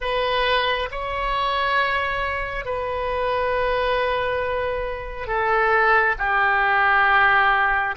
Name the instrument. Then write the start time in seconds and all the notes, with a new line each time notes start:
oboe
0.00 B4
0.91 C#5
2.65 B4
5.27 A4
6.18 G4